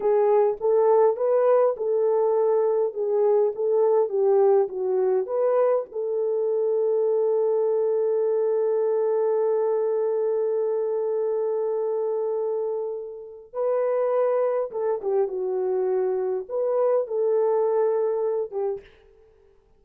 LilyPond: \new Staff \with { instrumentName = "horn" } { \time 4/4 \tempo 4 = 102 gis'4 a'4 b'4 a'4~ | a'4 gis'4 a'4 g'4 | fis'4 b'4 a'2~ | a'1~ |
a'1~ | a'2. b'4~ | b'4 a'8 g'8 fis'2 | b'4 a'2~ a'8 g'8 | }